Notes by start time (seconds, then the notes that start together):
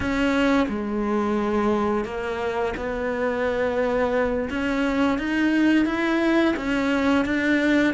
0.00 C#4
0.68 G#3
2.04 A#3
2.76 B3
4.50 C#4
5.18 D#4
5.85 E4
6.56 C#4
7.25 D4